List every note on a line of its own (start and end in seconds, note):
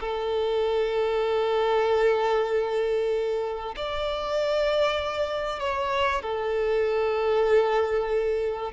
0.00 3.75 A4
3.76 5.60 D5
5.60 6.22 C#5
6.22 8.72 A4